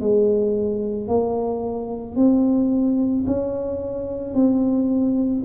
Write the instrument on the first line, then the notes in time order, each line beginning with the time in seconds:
tuba
0.00 G#3
1.08 A#3
2.16 C4
3.27 C#4
4.34 C4